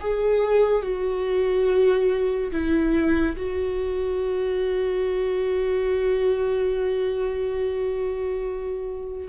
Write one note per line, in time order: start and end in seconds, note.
0.00 0.82 G#4
0.82 2.51 F#4
2.52 3.36 E4
3.36 9.28 F#4